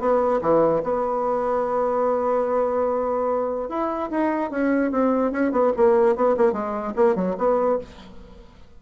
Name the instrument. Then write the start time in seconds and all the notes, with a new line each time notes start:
bassoon
0.00 B3
0.42 E3
0.84 B3
3.69 E4
4.11 D#4
4.51 C#4
4.91 C4
5.32 C#4
5.52 B3
5.77 A#3
6.16 B3
6.37 A#3
6.53 G#3
6.96 A#3
7.16 F#3
7.38 B3